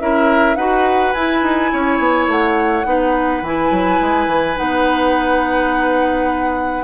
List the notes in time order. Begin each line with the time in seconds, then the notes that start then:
0.00 C#4 E4 A#4 E5
0.56 D#4 F#4 B4 F#5
1.13 E4 G#5
1.43 D#4
1.72 C#4 C#5
1.99 B3
2.28 A3 F#5
2.85 B3 D#4 B4
3.42 E3 E4 G#5
3.71 F#3
4.01 G#3
4.27 E3
4.56 B3 D#4 F#5